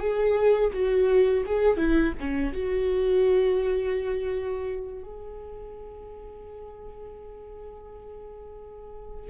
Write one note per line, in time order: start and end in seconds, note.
0.00 0.71 G#4
0.73 1.45 F#4
1.46 1.78 G#4
1.78 2.13 E4
2.20 2.53 C#4
2.53 5.03 F#4
5.04 9.30 G#4